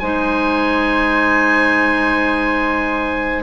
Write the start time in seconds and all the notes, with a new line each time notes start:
0.00 G#3 D#4 C5 G#5